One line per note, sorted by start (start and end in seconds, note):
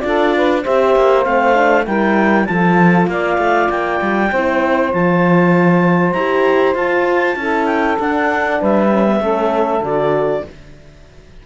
0.00 0.66 D4
0.00 0.62 F4
0.00 0.36 A4
0.00 0.61 D5
0.36 0.63 B4
0.63 0.96 C4
0.63 1.24 G4
0.63 1.85 C5
0.63 1.24 E5
0.96 1.26 A#3
1.24 1.87 A3
1.24 1.54 C4
1.24 1.85 F5
1.54 1.85 D4
1.85 2.48 G3
1.85 2.48 E4
1.85 2.47 A#4
1.85 2.46 G5
2.46 3.07 F3
2.46 4.31 F4
2.46 3.10 A4
2.46 3.07 A5
3.07 3.38 A#3
3.07 4.32 D5
3.07 3.70 F5
3.38 3.69 A3
3.70 4.00 A#3
3.70 4.92 G5
4.01 4.32 G3
4.32 4.93 C4
4.32 4.91 E4
4.32 7.38 C5
4.91 6.14 F3
4.91 6.14 F4
4.91 6.12 A5
6.12 6.75 E4
6.12 6.76 G4
6.12 6.74 A#5
6.75 7.36 F4
6.75 7.37 F4
6.75 7.66 A5
7.36 7.97 C#4
7.36 7.99 E4
7.36 8.60 A4
7.66 7.96 G5
7.99 8.61 D4
7.99 8.90 D4
7.99 8.62 F#5
8.60 9.20 G3
8.60 9.20 B4
8.60 9.84 E5
8.90 9.05 C#4
9.07 9.20 B3
9.20 9.80 A3
9.20 9.81 C#4
9.20 10.43 A4
9.80 10.41 D3
9.80 10.44 F#4
9.80 10.46 D5